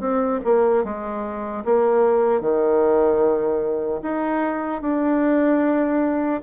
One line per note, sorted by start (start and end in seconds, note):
0.00 0.40 C4
0.44 0.84 A#3
0.84 1.64 G#3
1.65 2.41 A#3
2.41 4.01 D#3
4.03 4.82 D#4
4.82 6.42 D4